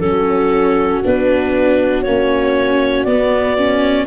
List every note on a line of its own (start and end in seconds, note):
0.00 1.03 F#3
0.00 1.04 C#4
0.00 4.07 F#4
0.00 1.02 A4
1.04 2.07 B3
1.04 2.06 D4
1.04 2.03 B4
2.03 3.06 A#3
2.03 3.08 C#4
2.03 3.05 C#5
3.05 4.07 B3
3.05 3.57 B3
3.05 4.07 D5
3.57 4.07 C#4